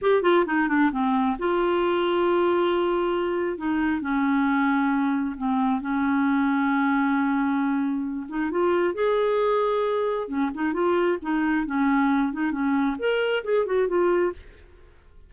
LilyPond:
\new Staff \with { instrumentName = "clarinet" } { \time 4/4 \tempo 4 = 134 g'8 f'8 dis'8 d'8 c'4 f'4~ | f'1 | dis'4 cis'2. | c'4 cis'2.~ |
cis'2~ cis'8 dis'8 f'4 | gis'2. cis'8 dis'8 | f'4 dis'4 cis'4. dis'8 | cis'4 ais'4 gis'8 fis'8 f'4 | }